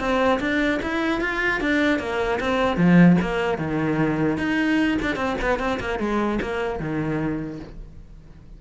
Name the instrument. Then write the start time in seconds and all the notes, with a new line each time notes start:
cello
0.00 C4
0.40 D4
0.83 E4
1.21 F4
1.61 D4
1.99 A#3
2.40 C4
2.77 F3
3.21 A#3
3.58 D#3
4.38 D#4
5.02 D4
5.16 C4
5.42 B3
5.59 C4
5.80 A#3
5.99 G#3
6.42 A#3
6.80 D#3